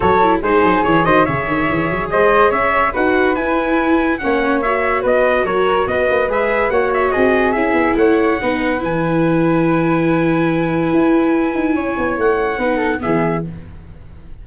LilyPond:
<<
  \new Staff \with { instrumentName = "trumpet" } { \time 4/4 \tempo 4 = 143 cis''4 c''4 cis''8 dis''8 e''4~ | e''4 dis''4 e''4 fis''4 | gis''2 fis''4 e''4 | dis''4 cis''4 dis''4 e''4 |
fis''8 e''8 dis''4 e''4 fis''4~ | fis''4 gis''2.~ | gis''1~ | gis''4 fis''2 e''4 | }
  \new Staff \with { instrumentName = "flute" } { \time 4/4 a'4 gis'4. c''8 cis''4~ | cis''4 c''4 cis''4 b'4~ | b'2 cis''2 | b'4 ais'4 b'2 |
cis''4 gis'2 cis''4 | b'1~ | b'1 | cis''2 b'8 a'8 gis'4 | }
  \new Staff \with { instrumentName = "viola" } { \time 4/4 fis'8 e'8 dis'4 e'8 fis'8 gis'4~ | gis'2. fis'4 | e'2 cis'4 fis'4~ | fis'2. gis'4 |
fis'2 e'2 | dis'4 e'2.~ | e'1~ | e'2 dis'4 b4 | }
  \new Staff \with { instrumentName = "tuba" } { \time 4/4 fis4 gis8 fis8 e8 dis8 cis8 dis8 | e8 fis8 gis4 cis'4 dis'4 | e'2 ais2 | b4 fis4 b8 ais8 gis4 |
ais4 c'4 cis'8 b8 a4 | b4 e2.~ | e2 e'4. dis'8 | cis'8 b8 a4 b4 e4 | }
>>